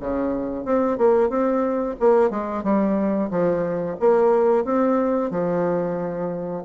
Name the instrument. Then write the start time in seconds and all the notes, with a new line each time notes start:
bassoon
0.00 C#3
0.65 C4
0.98 A#3
1.29 C4
2.00 A#3
2.30 G#3
2.63 G3
3.30 F3
4.00 A#3
4.65 C4
5.30 F3